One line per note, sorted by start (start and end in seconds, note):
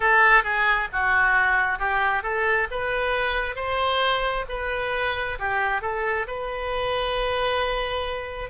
0.00 0.43 A4
0.43 0.88 G#4
0.92 1.78 F#4
1.78 2.23 G4
2.23 2.67 A4
2.71 3.55 B4
3.55 4.45 C5
4.48 5.38 B4
5.39 5.81 G4
5.81 6.26 A4
6.27 8.50 B4